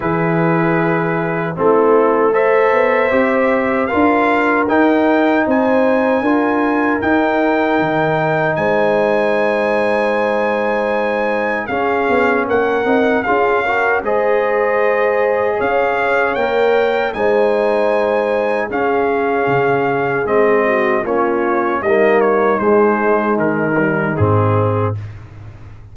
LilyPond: <<
  \new Staff \with { instrumentName = "trumpet" } { \time 4/4 \tempo 4 = 77 b'2 a'4 e''4~ | e''4 f''4 g''4 gis''4~ | gis''4 g''2 gis''4~ | gis''2. f''4 |
fis''4 f''4 dis''2 | f''4 g''4 gis''2 | f''2 dis''4 cis''4 | dis''8 cis''8 c''4 ais'4 gis'4 | }
  \new Staff \with { instrumentName = "horn" } { \time 4/4 gis'2 e'4 c''4~ | c''4 ais'2 c''4 | ais'2. c''4~ | c''2. gis'4 |
ais'4 gis'8 ais'8 c''2 | cis''2 c''2 | gis'2~ gis'8 fis'8 f'4 | dis'1 | }
  \new Staff \with { instrumentName = "trombone" } { \time 4/4 e'2 c'4 a'4 | g'4 f'4 dis'2 | f'4 dis'2.~ | dis'2. cis'4~ |
cis'8 dis'8 f'8 fis'8 gis'2~ | gis'4 ais'4 dis'2 | cis'2 c'4 cis'4 | ais4 gis4. g8 c'4 | }
  \new Staff \with { instrumentName = "tuba" } { \time 4/4 e2 a4. b8 | c'4 d'4 dis'4 c'4 | d'4 dis'4 dis4 gis4~ | gis2. cis'8 b8 |
ais8 c'8 cis'4 gis2 | cis'4 ais4 gis2 | cis'4 cis4 gis4 ais4 | g4 gis4 dis4 gis,4 | }
>>